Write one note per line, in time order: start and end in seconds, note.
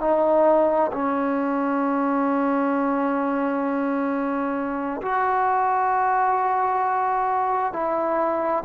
0.00 0.91 D#4
0.92 5.01 C#4
5.01 7.72 F#4
7.72 8.63 E4